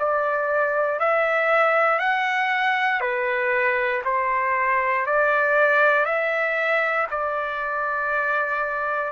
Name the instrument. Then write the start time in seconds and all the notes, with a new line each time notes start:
trumpet
0.00 D5
1.00 E5
2.00 F#5
3.01 B4
4.05 C5
5.07 D5
6.06 E5
7.11 D5